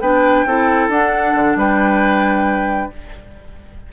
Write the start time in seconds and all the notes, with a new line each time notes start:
0.00 B3 D4 B4 G5
0.46 C4 E4 A4
0.89 D4 F#5
1.34 D3
1.56 G3 B4 G5